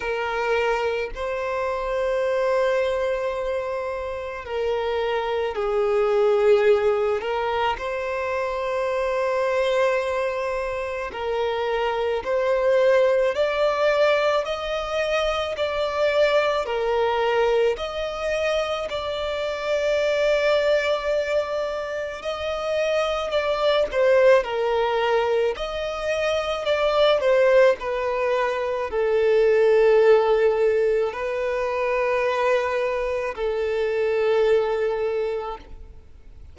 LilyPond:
\new Staff \with { instrumentName = "violin" } { \time 4/4 \tempo 4 = 54 ais'4 c''2. | ais'4 gis'4. ais'8 c''4~ | c''2 ais'4 c''4 | d''4 dis''4 d''4 ais'4 |
dis''4 d''2. | dis''4 d''8 c''8 ais'4 dis''4 | d''8 c''8 b'4 a'2 | b'2 a'2 | }